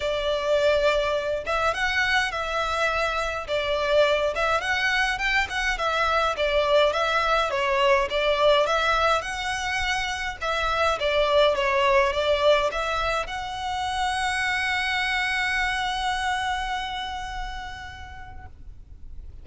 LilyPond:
\new Staff \with { instrumentName = "violin" } { \time 4/4 \tempo 4 = 104 d''2~ d''8 e''8 fis''4 | e''2 d''4. e''8 | fis''4 g''8 fis''8 e''4 d''4 | e''4 cis''4 d''4 e''4 |
fis''2 e''4 d''4 | cis''4 d''4 e''4 fis''4~ | fis''1~ | fis''1 | }